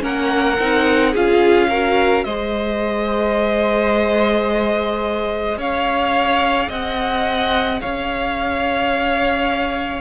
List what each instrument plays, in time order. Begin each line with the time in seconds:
0.00 cello A#3, viola C#4, violin A#4 F#5
0.60 cello C4, viola D#4
1.12 cello C#4, viola F4, violin G#4 F5
1.69 viola F#4, violin A#4
2.25 cello G#3, viola G#4, violin C5 D#5
5.58 cello C#4, violin C#5 F5
6.69 cello C4, violin D#5 F#5
7.81 cello C#4, violin C#5 F5